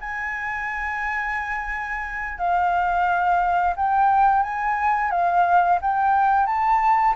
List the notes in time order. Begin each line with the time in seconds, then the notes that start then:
0.00 G#5
2.38 F5
3.76 G5
4.43 G#5
5.11 F5
5.81 G5
6.46 A5